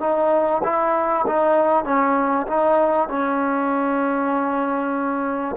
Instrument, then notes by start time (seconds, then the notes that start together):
trombone
0.00 D#4
0.64 E4
1.27 D#4
1.85 C#4
2.47 D#4
3.08 C#4